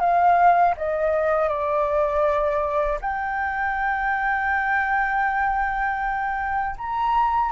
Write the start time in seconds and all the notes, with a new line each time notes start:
0.00 F5
0.77 D#5
1.49 D5
3.01 G5
6.78 A#5